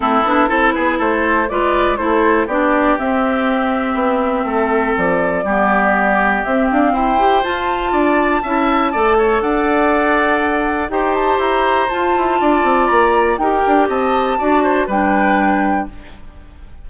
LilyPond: <<
  \new Staff \with { instrumentName = "flute" } { \time 4/4 \tempo 4 = 121 a'4. b'8 c''4 d''4 | c''4 d''4 e''2~ | e''2 d''2~ | d''4 e''8 f''8 g''4 a''4~ |
a''2. fis''4~ | fis''2 g''8 a''8 ais''4 | a''2 ais''4 g''4 | a''2 g''2 | }
  \new Staff \with { instrumentName = "oboe" } { \time 4/4 e'4 a'8 gis'8 a'4 b'4 | a'4 g'2.~ | g'4 a'2 g'4~ | g'2 c''2 |
d''4 e''4 d''8 cis''8 d''4~ | d''2 c''2~ | c''4 d''2 ais'4 | dis''4 d''8 c''8 b'2 | }
  \new Staff \with { instrumentName = "clarinet" } { \time 4/4 c'8 d'8 e'2 f'4 | e'4 d'4 c'2~ | c'2. b4~ | b4 c'4. g'8 f'4~ |
f'4 e'4 a'2~ | a'2 g'2 | f'2. g'4~ | g'4 fis'4 d'2 | }
  \new Staff \with { instrumentName = "bassoon" } { \time 4/4 a8 b8 c'8 b8 a4 gis4 | a4 b4 c'2 | b4 a4 f4 g4~ | g4 c'8 d'8 e'4 f'4 |
d'4 cis'4 a4 d'4~ | d'2 dis'4 e'4 | f'8 e'8 d'8 c'8 ais4 dis'8 d'8 | c'4 d'4 g2 | }
>>